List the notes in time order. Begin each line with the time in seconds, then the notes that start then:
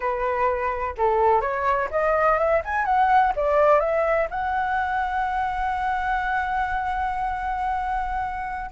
0.00 B4
0.97 A4
1.41 C#5
1.90 D#5
2.38 E5
2.64 G#5
2.85 F#5
3.36 D5
3.80 E5
4.30 F#5